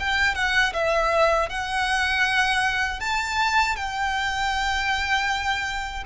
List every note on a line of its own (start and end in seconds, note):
0.00 0.36 G5
0.36 0.74 F#5
0.74 1.50 E5
1.50 3.00 F#5
3.00 3.76 A5
3.76 6.04 G5